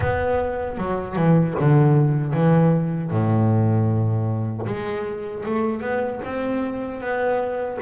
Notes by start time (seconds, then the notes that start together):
0.00 B3
0.77 F#3
1.15 E3
1.59 D3
2.33 E3
3.10 A2
4.66 G#3
5.45 A3
5.81 B3
6.24 C4
7.00 B3